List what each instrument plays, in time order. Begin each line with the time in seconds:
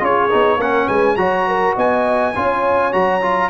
0.00 tuba C#4, trombone F4, horn G#4, trumpet C#5
0.30 tuba B3, trombone D#4
0.57 tuba A#3, trombone C#4, horn A#4, trumpet F#5
0.86 tuba G#3, horn B4, trumpet G#5
1.16 tuba F#3, trombone F#4, horn C#5, trumpet A#5
1.47 horn A#4
1.76 tuba B3, horn D#5, trumpet G#5
2.34 tuba C#4, trombone F4, horn C#5
2.92 tuba F#3, trombone F#4, trumpet A#5
3.21 trombone F4